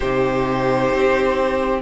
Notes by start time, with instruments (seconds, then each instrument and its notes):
0.00 cello C3, viola D#4, violin G4 C5
0.93 cello C4